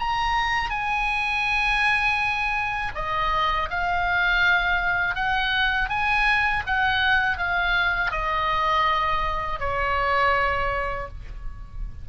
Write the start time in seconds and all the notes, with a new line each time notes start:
0.00 A#5
0.70 G#5
2.96 D#5
3.70 F5
5.15 F#5
5.90 G#5
6.67 F#5
7.38 F5
8.12 D#5
9.60 C#5